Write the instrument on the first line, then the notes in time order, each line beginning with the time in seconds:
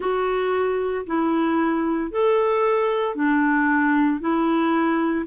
clarinet
0.00 F#4
1.06 E4
2.11 A4
3.15 D4
4.20 E4